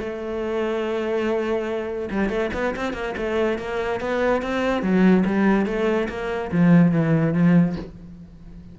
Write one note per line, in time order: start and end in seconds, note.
0.00 2.10 A3
2.11 2.30 G3
2.30 2.51 A3
2.54 2.75 B3
2.77 2.94 C4
2.94 3.15 A#3
3.18 3.59 A3
3.59 4.01 A#3
4.01 4.43 B3
4.43 4.83 C4
4.83 5.25 F#3
5.26 5.67 G3
5.67 6.09 A3
6.09 6.51 A#3
6.52 6.92 F3
6.92 7.34 E3
7.34 7.76 F3